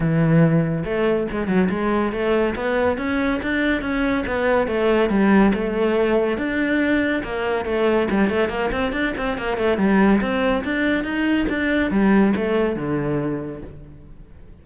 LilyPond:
\new Staff \with { instrumentName = "cello" } { \time 4/4 \tempo 4 = 141 e2 a4 gis8 fis8 | gis4 a4 b4 cis'4 | d'4 cis'4 b4 a4 | g4 a2 d'4~ |
d'4 ais4 a4 g8 a8 | ais8 c'8 d'8 c'8 ais8 a8 g4 | c'4 d'4 dis'4 d'4 | g4 a4 d2 | }